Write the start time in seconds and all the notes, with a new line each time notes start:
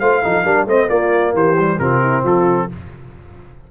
0.00 A3 F4 C5 F5
0.24 F3 D#4 A4
0.44 G3 D4 A#4
0.66 A3 C4 C5 D#5
0.89 A#3 F4 D5
1.34 E3 G4 C5
1.60 G3
1.79 C3 C4 F4 A#4
2.01 E4
2.23 F3 F4 A4